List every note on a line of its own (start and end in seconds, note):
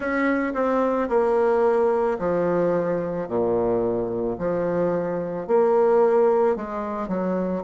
0.00 0.53 C#4
0.54 1.08 C4
1.09 2.18 A#3
2.18 3.27 F3
3.28 4.37 A#2
4.38 5.47 F3
5.47 6.56 A#3
6.56 7.08 G#3
7.08 7.62 F#3